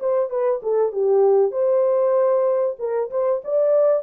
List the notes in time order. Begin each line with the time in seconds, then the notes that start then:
0.00 C5
0.30 B4
0.63 A4
0.92 G4
1.52 C5
2.79 A#4
3.11 C5
3.44 D5